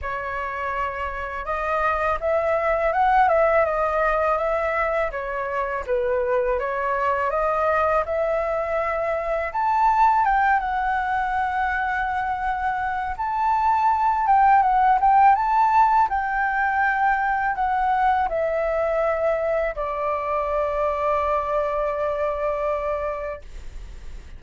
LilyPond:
\new Staff \with { instrumentName = "flute" } { \time 4/4 \tempo 4 = 82 cis''2 dis''4 e''4 | fis''8 e''8 dis''4 e''4 cis''4 | b'4 cis''4 dis''4 e''4~ | e''4 a''4 g''8 fis''4.~ |
fis''2 a''4. g''8 | fis''8 g''8 a''4 g''2 | fis''4 e''2 d''4~ | d''1 | }